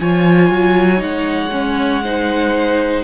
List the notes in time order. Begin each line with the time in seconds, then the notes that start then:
0.00 F3 F4 C#5 G#5
0.51 F#3
0.97 G#3 D#4 F#5
1.52 C#4
2.04 D#4 C5